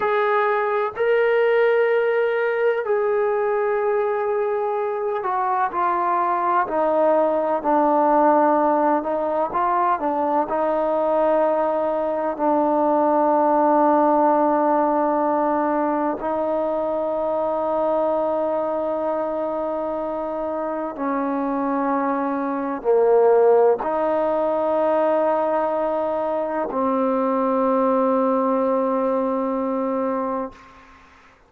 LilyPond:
\new Staff \with { instrumentName = "trombone" } { \time 4/4 \tempo 4 = 63 gis'4 ais'2 gis'4~ | gis'4. fis'8 f'4 dis'4 | d'4. dis'8 f'8 d'8 dis'4~ | dis'4 d'2.~ |
d'4 dis'2.~ | dis'2 cis'2 | ais4 dis'2. | c'1 | }